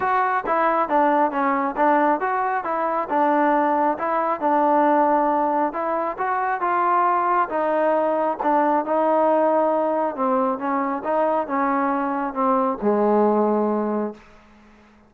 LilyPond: \new Staff \with { instrumentName = "trombone" } { \time 4/4 \tempo 4 = 136 fis'4 e'4 d'4 cis'4 | d'4 fis'4 e'4 d'4~ | d'4 e'4 d'2~ | d'4 e'4 fis'4 f'4~ |
f'4 dis'2 d'4 | dis'2. c'4 | cis'4 dis'4 cis'2 | c'4 gis2. | }